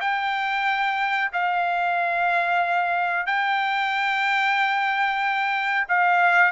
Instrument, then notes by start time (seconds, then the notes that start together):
trumpet
0.00 G5
1.33 F5
3.26 G5
5.88 F5